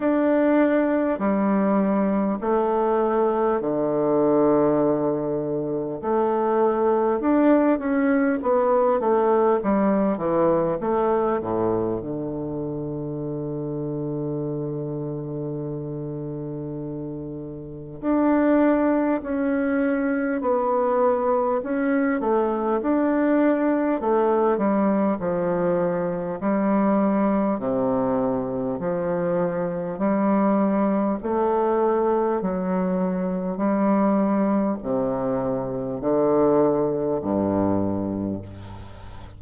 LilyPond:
\new Staff \with { instrumentName = "bassoon" } { \time 4/4 \tempo 4 = 50 d'4 g4 a4 d4~ | d4 a4 d'8 cis'8 b8 a8 | g8 e8 a8 a,8 d2~ | d2. d'4 |
cis'4 b4 cis'8 a8 d'4 | a8 g8 f4 g4 c4 | f4 g4 a4 fis4 | g4 c4 d4 g,4 | }